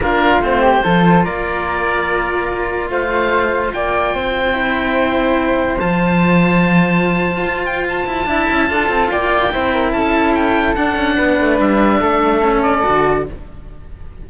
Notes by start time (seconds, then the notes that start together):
0.00 A#3 D4 F4 A#4
0.40 A3 C4 C5
0.61 G4
0.83 F3 F4 A4
1.24 A#3 A#4 D5
2.89 A3 C5 F5
3.73 A#3 D5 G5
4.14 C4 C5
4.53 E4
5.79 F3 F4 A5
7.43 F4
7.65 G5
7.88 A5
8.06 E4
8.25 D4 E4 E5
8.50 C#4
8.67 D4 F4 A4
8.89 C4
9.11 A#3 D5 G5
9.51 C4 E4 C5
9.72 A#4
9.92 C#4 A4 A5
10.34 G5
10.75 D4 F#5
10.95 C#4
11.16 B3 B4
11.39 A3
11.59 G3 E5
11.99 A3 A4
12.41 C#4
12.62 D5
12.82 D3 F#4